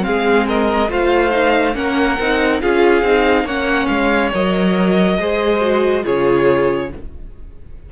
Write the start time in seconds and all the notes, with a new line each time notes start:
0.00 G#3 C4 F5
0.07 G#4
0.47 A#4 D#5
0.89 A3 F4 C5 F5
1.30 D#4
1.74 A#3 C#4 A#4 F#5
2.19 C4 D#4
2.61 C#4 F4 G#4 F5
3.02 C4 D#4
3.44 A#3 C#4 C#5 F#5
3.86 G#3 F5
4.33 F#3 A#4 D#5
5.18 G#3 G#4 C5
5.60 F#4
6.03 C#3 F4 G#4 C#5